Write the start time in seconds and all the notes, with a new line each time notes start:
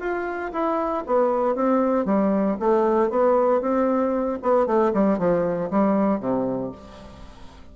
0.00 F4
0.53 E4
1.06 B3
1.55 C4
2.05 G3
2.60 A3
3.10 B3
3.61 C4
4.42 B3
4.66 A3
4.94 G3
5.18 F3
5.70 G3
6.20 C3